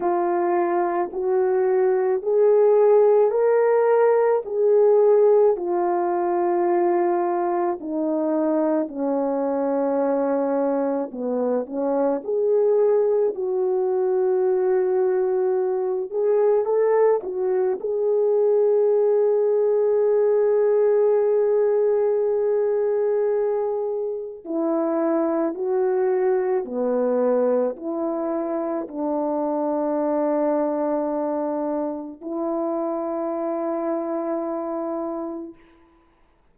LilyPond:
\new Staff \with { instrumentName = "horn" } { \time 4/4 \tempo 4 = 54 f'4 fis'4 gis'4 ais'4 | gis'4 f'2 dis'4 | cis'2 b8 cis'8 gis'4 | fis'2~ fis'8 gis'8 a'8 fis'8 |
gis'1~ | gis'2 e'4 fis'4 | b4 e'4 d'2~ | d'4 e'2. | }